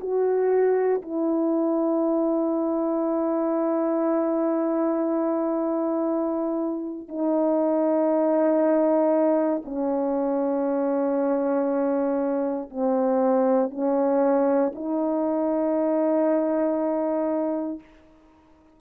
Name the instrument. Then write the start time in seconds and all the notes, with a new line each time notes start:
horn
0.00 F#4
1.02 E4
7.08 D#4
9.65 C#4
12.70 C4
13.71 C#4
14.75 D#4